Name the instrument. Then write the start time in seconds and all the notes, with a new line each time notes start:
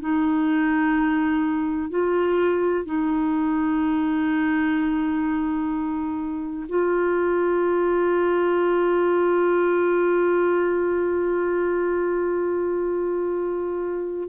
clarinet
0.00 D#4
1.90 F4
2.86 D#4
6.69 F4